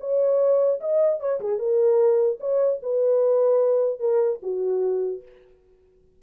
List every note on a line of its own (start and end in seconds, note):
0.00 0.80 C#5
0.80 1.20 D#5
1.20 1.40 C#5
1.40 1.59 G#4
1.59 2.39 A#4
2.40 2.80 C#5
2.83 3.99 B4
3.99 4.39 A#4
4.42 5.22 F#4